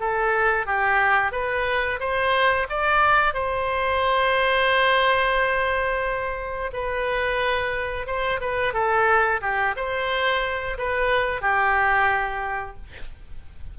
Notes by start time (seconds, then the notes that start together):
0.00 A4
0.66 G4
1.32 B4
2.00 C5
2.70 D5
3.34 C5
6.74 B4
8.07 C5
8.41 B4
8.74 A4
9.42 G4
9.77 C5
10.78 B4
11.41 G4